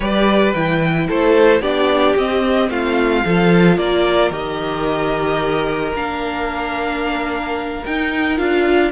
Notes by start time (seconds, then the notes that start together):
0.00 G3 G4 B4 D5
0.53 E3 E4 G5
1.08 A3 A4 C5
1.60 B3 D4 G4 D5
2.16 C4 D#5
2.69 A3 F4 F5
3.25 F3 F4 A4
3.77 A#3 A#4 D5
4.30 D#3 G4 D#5
5.94 A#3 D4 F5
7.85 D#4 G5
8.37 D4 F4 F5